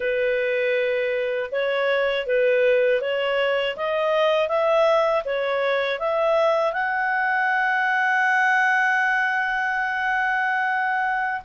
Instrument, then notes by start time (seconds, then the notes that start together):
clarinet
0.00 B4
1.51 C#5
2.26 B4
3.01 C#5
3.76 D#5
4.48 E5
5.24 C#5
5.99 E5
6.72 F#5